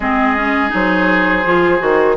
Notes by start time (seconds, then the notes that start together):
0.00 G#3 C4 G#4 D#5
0.36 C#4
0.69 F#3 D#4 C5
1.45 F3 F4
1.78 D#3 F#4